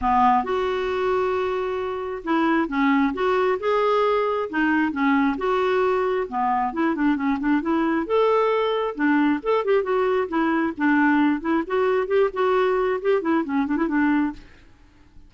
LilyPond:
\new Staff \with { instrumentName = "clarinet" } { \time 4/4 \tempo 4 = 134 b4 fis'2.~ | fis'4 e'4 cis'4 fis'4 | gis'2 dis'4 cis'4 | fis'2 b4 e'8 d'8 |
cis'8 d'8 e'4 a'2 | d'4 a'8 g'8 fis'4 e'4 | d'4. e'8 fis'4 g'8 fis'8~ | fis'4 g'8 e'8 cis'8 d'16 e'16 d'4 | }